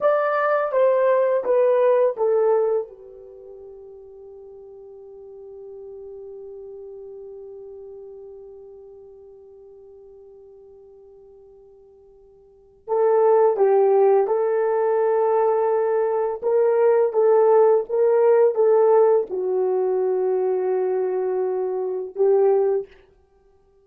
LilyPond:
\new Staff \with { instrumentName = "horn" } { \time 4/4 \tempo 4 = 84 d''4 c''4 b'4 a'4 | g'1~ | g'1~ | g'1~ |
g'2 a'4 g'4 | a'2. ais'4 | a'4 ais'4 a'4 fis'4~ | fis'2. g'4 | }